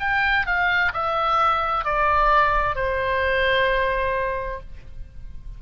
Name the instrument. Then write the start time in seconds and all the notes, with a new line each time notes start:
oboe
0.00 G5
0.47 F5
0.94 E5
1.85 D5
2.76 C5